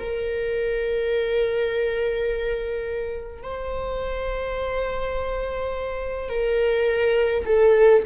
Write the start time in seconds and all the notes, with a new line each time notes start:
0.00 A#4
3.44 C5
6.29 A#4
7.46 A4